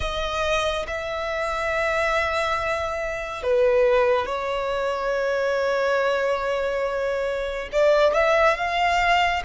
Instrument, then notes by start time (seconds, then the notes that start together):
violin
0.00 D#5
0.87 E5
3.42 B4
4.26 C#5
7.71 D5
8.14 E5
8.56 F5